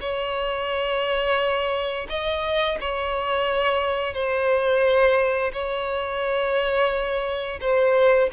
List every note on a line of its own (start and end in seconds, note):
0.00 2.07 C#5
2.09 2.78 D#5
2.80 4.13 C#5
4.13 5.51 C5
5.53 7.60 C#5
7.61 8.29 C5